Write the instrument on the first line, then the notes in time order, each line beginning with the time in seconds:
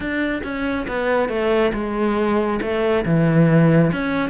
cello
0.00 D4
0.43 C#4
0.87 B3
1.28 A3
1.73 G#3
2.61 A3
3.05 E3
3.92 C#4